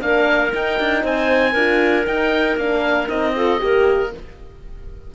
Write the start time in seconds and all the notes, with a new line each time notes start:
0.00 A#3 D4 A#4 F5
0.51 D#4 G5
0.80 D4
1.03 C4 C5 G#5
1.53 D4 F4 A#4
2.05 D#4 G5
2.57 A#3 D4 F5
3.09 C4 D#4 D#5
3.36 F4 A4
3.59 A#3 G4 A#4